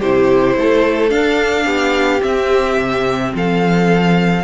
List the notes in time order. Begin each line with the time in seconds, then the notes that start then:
0.00 C3 E4 G4 C5
0.57 A3 A4
1.10 D4 F5
1.66 B3 G4
2.20 C4 E5
2.78 C3
3.36 F3 A4 F5